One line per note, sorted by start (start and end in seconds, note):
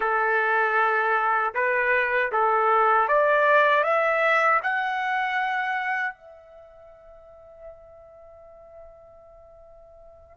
0.00 1.54 A4
1.54 2.31 B4
2.32 3.08 A4
3.08 3.83 D5
3.83 4.60 E5
4.63 6.14 F#5
6.14 10.37 E5